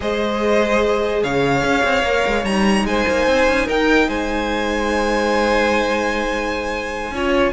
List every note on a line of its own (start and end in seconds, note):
0.00 1.23 G#3
0.00 2.01 G#4
0.00 1.23 C5
0.00 1.23 D#5
1.23 1.63 C#3
1.23 2.86 C#5
1.23 2.44 F5
1.63 1.83 C#4
1.84 2.03 C4
2.03 2.23 A#3
2.03 2.44 A#4
2.26 2.44 G#3
2.44 2.84 G3
2.44 7.13 D#4
2.44 2.85 A#5
2.84 3.04 G#3
2.84 3.66 C5
2.84 3.68 G#5
3.08 3.26 A#3
3.26 3.46 C4
3.47 3.67 C#4
3.66 4.07 D#4
3.66 4.07 A#4
3.66 4.09 G5
4.07 7.11 G#3
4.07 7.13 C5
4.07 7.52 G#5
7.11 7.51 C#4
7.11 7.52 F4
7.11 7.52 C#5